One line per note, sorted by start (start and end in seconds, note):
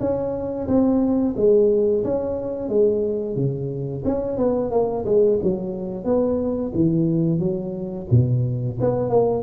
0.00 0.67 C#4
0.67 1.35 C4
1.36 2.04 G#3
2.04 2.69 C#4
2.69 3.36 G#3
3.36 4.03 C#3
4.05 4.37 C#4
4.37 4.71 B3
4.71 5.05 A#3
5.05 5.39 G#3
5.43 6.05 F#3
6.05 6.72 B3
6.74 7.39 E3
7.39 8.07 F#3
8.11 8.78 B2
8.81 9.10 B3
9.10 9.43 A#3